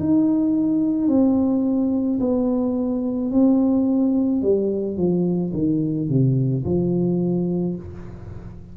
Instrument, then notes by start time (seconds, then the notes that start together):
tuba
0.00 D#4
1.08 C4
2.20 B3
3.31 C4
4.42 G3
4.97 F3
5.54 D#3
6.09 C3
6.65 F3